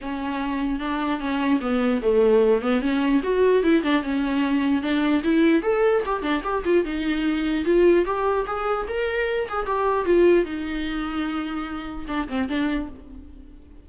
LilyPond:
\new Staff \with { instrumentName = "viola" } { \time 4/4 \tempo 4 = 149 cis'2 d'4 cis'4 | b4 a4. b8 cis'4 | fis'4 e'8 d'8 cis'2 | d'4 e'4 a'4 g'8 d'8 |
g'8 f'8 dis'2 f'4 | g'4 gis'4 ais'4. gis'8 | g'4 f'4 dis'2~ | dis'2 d'8 c'8 d'4 | }